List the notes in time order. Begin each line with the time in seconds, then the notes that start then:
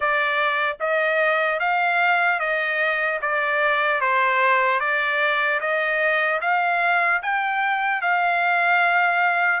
0.00 D5
0.80 D#5
1.59 F5
2.39 D#5
3.21 D5
4.00 C5
4.80 D5
5.60 D#5
6.41 F5
7.22 G5
8.01 F5